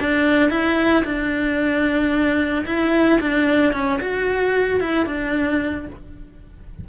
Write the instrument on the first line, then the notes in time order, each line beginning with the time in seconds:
cello
0.00 D4
0.50 E4
1.04 D4
2.66 E4
3.20 D4
3.73 C#4
4.00 F#4
4.80 E4
5.06 D4